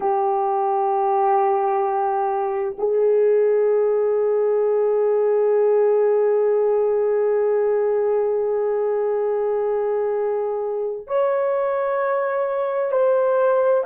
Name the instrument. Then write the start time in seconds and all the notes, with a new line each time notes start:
horn
0.00 G4
2.78 G#4
11.07 C#5
12.91 C5